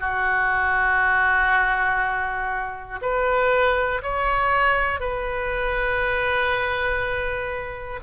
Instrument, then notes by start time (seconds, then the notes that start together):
oboe
0.00 F#4
3.02 B4
4.03 C#5
5.00 B4